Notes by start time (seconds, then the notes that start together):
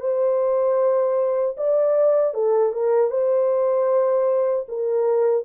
0.00 C5
1.57 D5
2.34 A4
2.72 A#4
3.11 C5
4.68 A#4